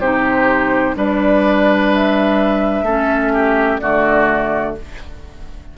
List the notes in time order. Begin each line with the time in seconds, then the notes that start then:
0.00 C3 D#4 G4 C5
0.95 G3 D4 B4 D5
1.93 E5
2.82 A3 C#4 A4
3.33 G4
3.79 D3 A3 F#4 D5